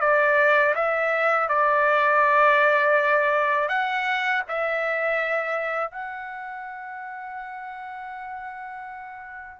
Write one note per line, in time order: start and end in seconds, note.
0.00 0.74 D5
0.75 1.48 E5
1.48 3.68 D5
3.68 4.42 F#5
4.48 5.91 E5
5.91 9.60 F#5